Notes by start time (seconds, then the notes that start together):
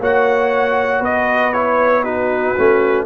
0.00 A#3 F#4 C#5 F#5
1.00 B3 B4 D#5
1.53 E4 C#5
2.04 D#4 F#4 B4
2.57 A3 C#4